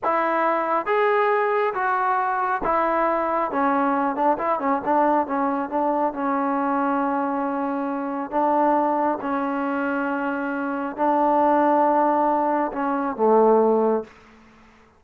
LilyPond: \new Staff \with { instrumentName = "trombone" } { \time 4/4 \tempo 4 = 137 e'2 gis'2 | fis'2 e'2 | cis'4. d'8 e'8 cis'8 d'4 | cis'4 d'4 cis'2~ |
cis'2. d'4~ | d'4 cis'2.~ | cis'4 d'2.~ | d'4 cis'4 a2 | }